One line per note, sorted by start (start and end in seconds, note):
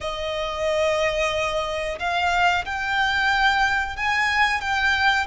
0.00 1.98 D#5
1.99 2.65 F5
2.65 3.96 G5
3.96 4.61 G#5
4.61 5.27 G5